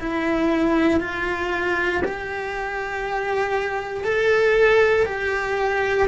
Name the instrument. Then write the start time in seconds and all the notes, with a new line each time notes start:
cello
0.00 E4
1.01 F4
2.05 G4
4.04 A4
5.06 G4